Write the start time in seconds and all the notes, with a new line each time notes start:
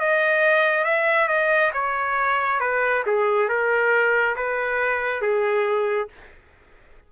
0.00 D#5
0.85 E5
1.28 D#5
1.74 C#5
2.60 B4
3.07 G#4
3.49 A#4
4.36 B4
5.22 G#4